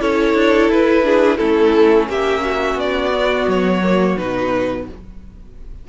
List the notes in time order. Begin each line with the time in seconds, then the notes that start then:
0.00 C#4 E4 A4 C#5
0.34 D4
0.69 E4 B4
1.03 D4 G#4
1.37 A3 C#4 E4 A4
2.09 A#3 G4 E5
2.44 F#4
2.75 B3 D5
3.11 B3
3.48 F#3 C#5
3.83 A#3
4.17 B2 D#4 B4